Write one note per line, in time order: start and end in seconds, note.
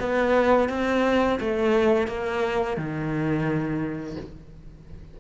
0.00 0.69 B3
0.69 1.39 C4
1.40 2.08 A3
2.08 2.77 A#3
2.77 4.17 D#3